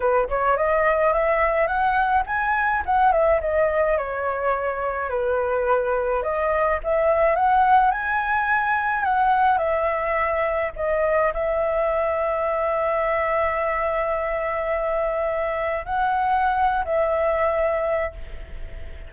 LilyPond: \new Staff \with { instrumentName = "flute" } { \time 4/4 \tempo 4 = 106 b'8 cis''8 dis''4 e''4 fis''4 | gis''4 fis''8 e''8 dis''4 cis''4~ | cis''4 b'2 dis''4 | e''4 fis''4 gis''2 |
fis''4 e''2 dis''4 | e''1~ | e''1 | fis''4.~ fis''16 e''2~ e''16 | }